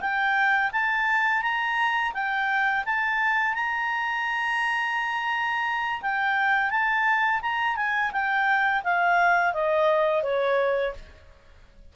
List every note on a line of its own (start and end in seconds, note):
0.00 0.71 G5
0.72 1.42 A5
1.42 2.12 A#5
2.13 2.84 G5
2.85 3.54 A5
3.54 6.01 A#5
6.02 6.70 G5
6.70 7.40 A5
7.41 7.76 A#5
7.76 8.11 G#5
8.12 8.82 G5
8.84 9.53 F5
9.53 10.23 D#5
10.23 10.93 C#5